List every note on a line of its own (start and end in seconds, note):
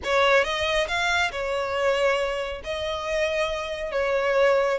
0.04 0.43 C#5
0.43 0.87 D#5
0.87 1.31 F5
1.31 2.62 C#5
2.64 3.91 D#5
3.91 4.78 C#5